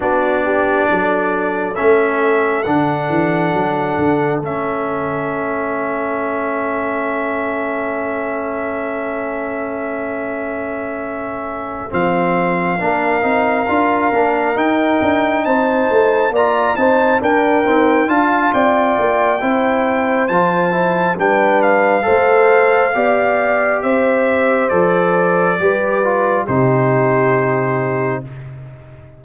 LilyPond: <<
  \new Staff \with { instrumentName = "trumpet" } { \time 4/4 \tempo 4 = 68 d''2 e''4 fis''4~ | fis''4 e''2.~ | e''1~ | e''4. f''2~ f''8~ |
f''8 g''4 a''4 ais''8 a''8 g''8~ | g''8 a''8 g''2 a''4 | g''8 f''2~ f''8 e''4 | d''2 c''2 | }
  \new Staff \with { instrumentName = "horn" } { \time 4/4 fis'8 g'8 a'2.~ | a'1~ | a'1~ | a'2~ a'8 ais'4.~ |
ais'4. c''4 d''8 c''8 ais'8~ | ais'8 f''8 d''4 c''2 | b'4 c''4 d''4 c''4~ | c''4 b'4 g'2 | }
  \new Staff \with { instrumentName = "trombone" } { \time 4/4 d'2 cis'4 d'4~ | d'4 cis'2.~ | cis'1~ | cis'4. c'4 d'8 dis'8 f'8 |
d'8 dis'2 f'8 dis'8 d'8 | c'8 f'4. e'4 f'8 e'8 | d'4 a'4 g'2 | a'4 g'8 f'8 dis'2 | }
  \new Staff \with { instrumentName = "tuba" } { \time 4/4 b4 fis4 a4 d8 e8 | fis8 d8 a2.~ | a1~ | a4. f4 ais8 c'8 d'8 |
ais8 dis'8 d'8 c'8 a8 ais8 c'8 d'8 | dis'8 d'8 c'8 ais8 c'4 f4 | g4 a4 b4 c'4 | f4 g4 c2 | }
>>